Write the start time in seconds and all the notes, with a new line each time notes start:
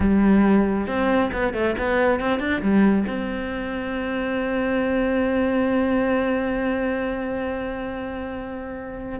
0.00 G3
0.87 C4
1.33 B3
1.53 A3
1.78 B3
2.20 C4
2.39 D4
2.62 G3
3.07 C4